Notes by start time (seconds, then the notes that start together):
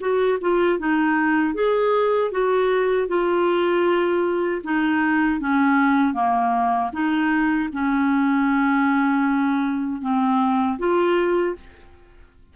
0.00 F#4
0.41 F4
0.79 D#4
1.54 G#4
2.31 F#4
3.08 F4
4.63 D#4
5.40 C#4
6.14 A#3
6.92 D#4
7.72 C#4
10.01 C4
10.78 F4